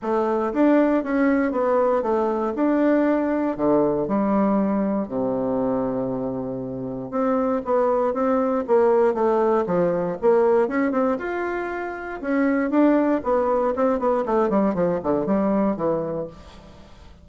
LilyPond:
\new Staff \with { instrumentName = "bassoon" } { \time 4/4 \tempo 4 = 118 a4 d'4 cis'4 b4 | a4 d'2 d4 | g2 c2~ | c2 c'4 b4 |
c'4 ais4 a4 f4 | ais4 cis'8 c'8 f'2 | cis'4 d'4 b4 c'8 b8 | a8 g8 f8 d8 g4 e4 | }